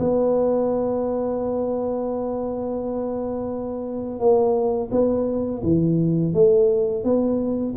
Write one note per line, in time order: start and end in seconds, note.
0.00 4.20 B3
4.20 4.91 A#3
4.92 5.62 B3
5.63 6.34 E3
6.34 7.04 A3
7.04 7.75 B3